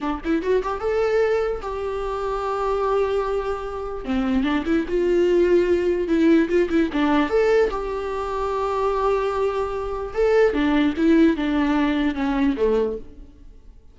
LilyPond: \new Staff \with { instrumentName = "viola" } { \time 4/4 \tempo 4 = 148 d'8 e'8 fis'8 g'8 a'2 | g'1~ | g'2 c'4 d'8 e'8 | f'2. e'4 |
f'8 e'8 d'4 a'4 g'4~ | g'1~ | g'4 a'4 d'4 e'4 | d'2 cis'4 a4 | }